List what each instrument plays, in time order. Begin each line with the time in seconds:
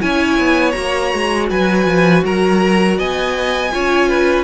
0.00 cello C#4, viola E4, violin C#5 G#5
0.38 cello B3
0.71 cello A#3, viola F#4, violin A#5
1.14 cello G#3
1.49 cello F#3, violin B4 G#5
1.85 cello F3
2.24 cello F#3, violin A#4 A#5
2.97 cello B3, violin D#5 G#5
3.72 cello C#4, viola F4, violin C#5
4.08 violin B4